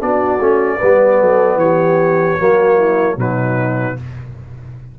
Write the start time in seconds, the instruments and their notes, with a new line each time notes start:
0.00 tuba B3, trombone D4, horn F#4, trumpet D5
0.40 tuba A3, trombone C#4
0.76 tuba G3, trombone B3, horn B4
1.20 tuba F#3, horn A4
1.56 tuba E3, horn G4, trumpet C#5
2.39 tuba F#3, trombone A#3, horn F#4
2.76 horn E4
3.17 tuba B2, trombone F#3, horn D#4, trumpet B4